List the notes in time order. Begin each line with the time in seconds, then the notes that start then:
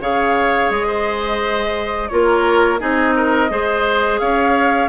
0.00 C#3 G#4 C#5 F5
0.69 G#3 D#5
0.87 C5
2.08 A#3 F4 A#4 C#5
2.79 C4 D#4 G#4 D#5
3.16 A#4
3.49 G#3 G#4 C5
4.19 C#4 C#5 F5